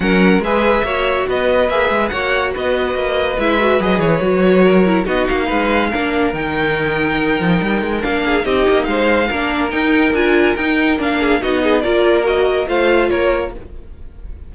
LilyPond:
<<
  \new Staff \with { instrumentName = "violin" } { \time 4/4 \tempo 4 = 142 fis''4 e''2 dis''4 | e''4 fis''4 dis''2 | e''4 dis''8 cis''2~ cis''8 | dis''8 f''2~ f''8 g''4~ |
g''2. f''4 | dis''4 f''2 g''4 | gis''4 g''4 f''4 dis''4 | d''4 dis''4 f''4 cis''4 | }
  \new Staff \with { instrumentName = "violin" } { \time 4/4 ais'4 b'4 cis''4 b'4~ | b'4 cis''4 b'2~ | b'2. ais'4 | fis'4 b'4 ais'2~ |
ais'2.~ ais'8 gis'8 | g'4 c''4 ais'2~ | ais'2~ ais'8 gis'8 fis'8 gis'8 | ais'2 c''4 ais'4 | }
  \new Staff \with { instrumentName = "viola" } { \time 4/4 cis'4 gis'4 fis'2 | gis'4 fis'2. | e'8 fis'8 gis'4 fis'4. e'8 | dis'2 d'4 dis'4~ |
dis'2. d'4 | dis'2 d'4 dis'4 | f'4 dis'4 d'4 dis'4 | f'4 fis'4 f'2 | }
  \new Staff \with { instrumentName = "cello" } { \time 4/4 fis4 gis4 ais4 b4 | ais8 gis8 ais4 b4 ais4 | gis4 fis8 e8 fis2 | b8 ais8 gis4 ais4 dis4~ |
dis4. f8 g8 gis8 ais4 | c'8 ais8 gis4 ais4 dis'4 | d'4 dis'4 ais4 b4 | ais2 a4 ais4 | }
>>